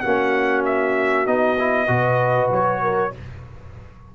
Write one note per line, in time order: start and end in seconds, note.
0.00 1.27 A#3
0.00 1.26 C#4
0.00 1.89 F#4
0.00 0.62 F#5
0.65 1.27 E5
1.26 1.88 B3
1.26 1.57 D#4
1.26 2.50 D#5
1.59 1.87 E4
1.87 2.50 B2
1.87 3.11 F#4
1.87 2.82 B4
2.51 3.12 F#3
2.51 3.15 C#5
2.82 3.13 A#4